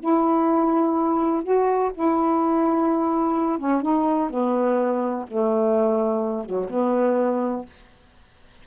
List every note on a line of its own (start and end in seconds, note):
0.00 1.43 E4
1.43 1.91 F#4
1.94 3.58 E4
3.58 3.82 C#4
3.82 4.30 D#4
4.30 5.26 B3
5.28 6.45 A3
6.45 6.69 F#3
6.69 7.65 B3